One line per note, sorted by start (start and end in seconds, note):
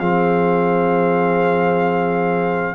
0.00 2.75 F3
0.00 2.75 C4
0.00 2.75 G#4
0.00 2.75 F5